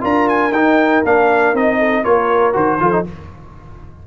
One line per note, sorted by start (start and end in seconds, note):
0.00 0.51 D4
0.00 0.50 F4
0.00 1.78 A#4
0.00 0.28 A#5
0.28 0.52 G#5
0.51 1.01 D#4
0.51 1.05 D#4
0.51 1.02 G5
1.04 1.53 A#3
1.04 1.55 D4
1.04 1.56 F5
1.53 2.04 C4
1.53 2.04 D#4
1.53 2.04 D#5
1.78 2.03 A4
2.03 2.54 A#3
2.03 2.52 F4
2.03 2.79 A#4
2.03 2.54 C#5
2.52 2.80 D#3
2.52 2.78 F#4
2.52 3.06 C5
2.80 3.05 F3
2.80 2.91 F4
2.80 3.06 A4
2.91 3.04 D#4